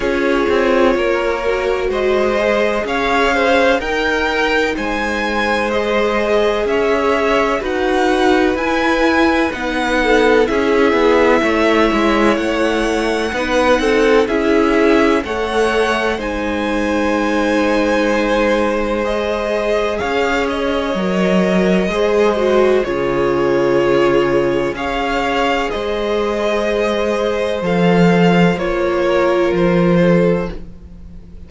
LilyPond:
<<
  \new Staff \with { instrumentName = "violin" } { \time 4/4 \tempo 4 = 63 cis''2 dis''4 f''4 | g''4 gis''4 dis''4 e''4 | fis''4 gis''4 fis''4 e''4~ | e''4 fis''2 e''4 |
fis''4 gis''2. | dis''4 f''8 dis''2~ dis''8 | cis''2 f''4 dis''4~ | dis''4 f''4 cis''4 c''4 | }
  \new Staff \with { instrumentName = "violin" } { \time 4/4 gis'4 ais'4 c''4 cis''8 c''8 | ais'4 c''2 cis''4 | b'2~ b'8 a'8 gis'4 | cis''2 b'8 a'8 gis'4 |
cis''4 c''2.~ | c''4 cis''2 c''4 | gis'2 cis''4 c''4~ | c''2~ c''8 ais'4 a'8 | }
  \new Staff \with { instrumentName = "viola" } { \time 4/4 f'4. fis'4 gis'4. | dis'2 gis'2 | fis'4 e'4 dis'4 e'4~ | e'2 dis'4 e'4 |
a'4 dis'2. | gis'2 ais'4 gis'8 fis'8 | f'2 gis'2~ | gis'4 a'4 f'2 | }
  \new Staff \with { instrumentName = "cello" } { \time 4/4 cis'8 c'8 ais4 gis4 cis'4 | dis'4 gis2 cis'4 | dis'4 e'4 b4 cis'8 b8 | a8 gis8 a4 b8 c'8 cis'4 |
a4 gis2.~ | gis4 cis'4 fis4 gis4 | cis2 cis'4 gis4~ | gis4 f4 ais4 f4 | }
>>